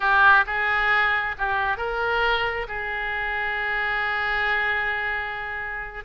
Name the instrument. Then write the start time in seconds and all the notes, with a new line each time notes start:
oboe
0.00 G4
0.46 G#4
1.38 G4
1.77 A#4
2.68 G#4